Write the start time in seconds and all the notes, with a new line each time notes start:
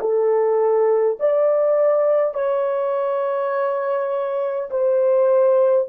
0.00 A4
1.19 D5
2.34 C#5
4.70 C5